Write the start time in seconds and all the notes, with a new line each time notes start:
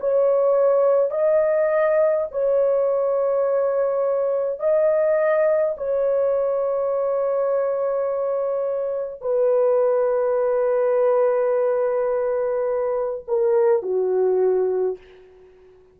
0.00 C#5
1.11 D#5
2.31 C#5
4.59 D#5
5.77 C#5
9.21 B4
13.27 A#4
13.82 F#4